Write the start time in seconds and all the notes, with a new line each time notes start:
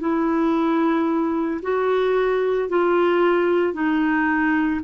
0.00 E4
1.62 F#4
2.69 F4
3.74 D#4